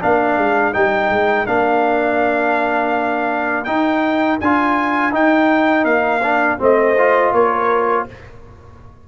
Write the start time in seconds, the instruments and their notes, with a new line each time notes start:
0.00 tuba A#3, trombone D4, horn A#4, trumpet F5
0.37 tuba G#3
0.73 tuba G3, trombone D#4, trumpet G5
1.09 tuba G#3
1.46 tuba A#3, trombone D4, trumpet F5
3.64 trombone D#4, tuba D#4, trumpet G5
4.40 tuba D4, trombone F4, trumpet G#5
5.11 trombone D#4, tuba D#4, trumpet G5
5.84 tuba A#3, trumpet F5
6.22 trombone D4
6.58 tuba A3, trombone C4, horn C5, trumpet D#5
6.98 trombone F4
7.32 tuba A#3, horn A#4, trumpet C#5